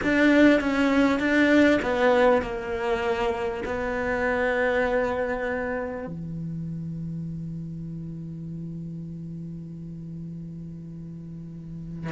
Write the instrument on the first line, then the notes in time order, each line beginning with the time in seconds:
cello
0.03 D4
0.60 C#4
1.19 D4
1.82 B3
2.42 A#3
3.65 B3
6.06 E3